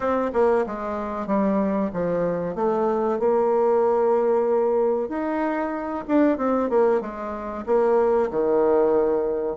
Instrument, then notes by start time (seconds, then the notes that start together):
bassoon
0.00 C4
0.33 A#3
0.66 G#3
1.26 G3
1.93 F3
2.55 A3
3.19 A#3
5.08 D#4
6.07 D4
6.37 C4
6.69 A#3
7.00 G#3
7.66 A#3
8.30 D#3